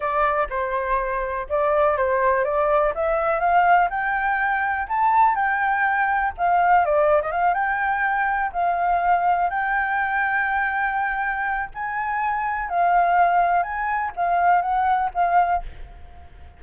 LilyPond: \new Staff \with { instrumentName = "flute" } { \time 4/4 \tempo 4 = 123 d''4 c''2 d''4 | c''4 d''4 e''4 f''4 | g''2 a''4 g''4~ | g''4 f''4 d''8. dis''16 f''8 g''8~ |
g''4. f''2 g''8~ | g''1 | gis''2 f''2 | gis''4 f''4 fis''4 f''4 | }